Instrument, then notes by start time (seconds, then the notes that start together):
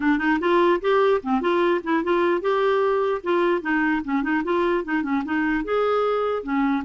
clarinet
0.00 D4
0.18 D#4
0.40 F4
0.81 G4
1.23 C4
1.41 F4
1.83 E4
2.03 F4
2.41 G4
3.23 F4
3.61 D#4
4.04 C#4
4.22 D#4
4.44 F4
4.84 D#4
5.02 C#4
5.24 D#4
5.64 G#4
6.43 C#4